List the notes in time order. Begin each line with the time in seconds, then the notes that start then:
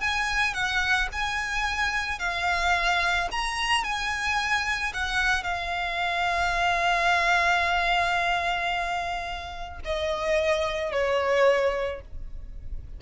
0.00 G#5
0.54 F#5
1.12 G#5
2.19 F5
3.31 A#5
3.84 G#5
4.93 F#5
5.43 F5
9.84 D#5
10.92 C#5